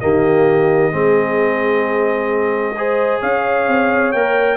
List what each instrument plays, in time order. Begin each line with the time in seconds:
0.00 tuba D#3, trombone A#3, horn G4, trumpet D#5
0.92 tuba G#3, trombone C4, horn G#4
2.77 trombone G#4, horn C5
3.21 tuba C#4, horn C#5, trumpet F5
3.68 tuba C4
4.12 tuba A#3, trombone A#4, trumpet G5